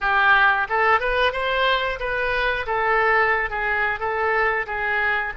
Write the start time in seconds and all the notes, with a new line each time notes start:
0.00 G4
0.69 A4
1.00 B4
1.32 C5
1.99 B4
2.66 A4
3.49 G#4
3.99 A4
4.66 G#4